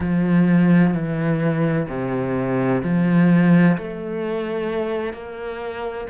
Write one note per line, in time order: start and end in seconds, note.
0.00 0.94 F3
0.94 1.87 E3
1.88 2.82 C3
2.83 3.77 F3
3.77 5.13 A3
5.13 6.07 A#3